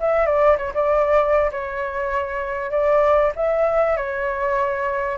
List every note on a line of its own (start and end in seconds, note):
0.00 0.26 E5
0.26 0.57 D5
0.58 0.73 C#5
0.74 1.51 D5
1.52 2.71 C#5
2.71 3.32 D5
3.36 3.97 E5
3.97 5.18 C#5